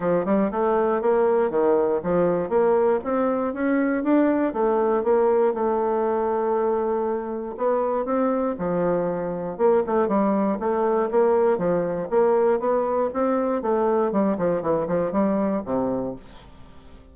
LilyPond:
\new Staff \with { instrumentName = "bassoon" } { \time 4/4 \tempo 4 = 119 f8 g8 a4 ais4 dis4 | f4 ais4 c'4 cis'4 | d'4 a4 ais4 a4~ | a2. b4 |
c'4 f2 ais8 a8 | g4 a4 ais4 f4 | ais4 b4 c'4 a4 | g8 f8 e8 f8 g4 c4 | }